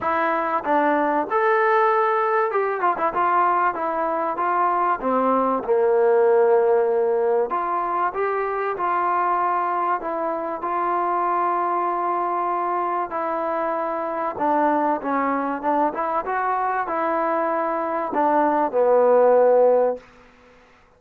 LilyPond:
\new Staff \with { instrumentName = "trombone" } { \time 4/4 \tempo 4 = 96 e'4 d'4 a'2 | g'8 f'16 e'16 f'4 e'4 f'4 | c'4 ais2. | f'4 g'4 f'2 |
e'4 f'2.~ | f'4 e'2 d'4 | cis'4 d'8 e'8 fis'4 e'4~ | e'4 d'4 b2 | }